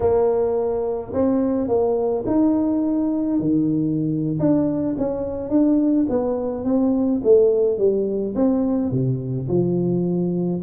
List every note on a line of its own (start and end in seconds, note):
0.00 1.12 A#3
1.13 1.67 C4
1.67 2.24 A#3
2.26 3.39 D#4
3.39 4.38 D#3
4.39 4.96 D4
4.98 5.49 C#4
5.49 6.06 D4
6.09 6.64 B3
6.64 7.21 C4
7.23 7.78 A3
7.78 8.34 G3
8.35 8.90 C4
8.90 9.47 C3
9.48 10.61 F3